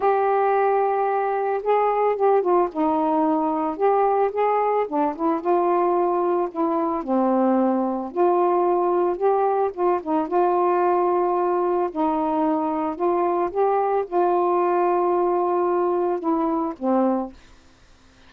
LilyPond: \new Staff \with { instrumentName = "saxophone" } { \time 4/4 \tempo 4 = 111 g'2. gis'4 | g'8 f'8 dis'2 g'4 | gis'4 d'8 e'8 f'2 | e'4 c'2 f'4~ |
f'4 g'4 f'8 dis'8 f'4~ | f'2 dis'2 | f'4 g'4 f'2~ | f'2 e'4 c'4 | }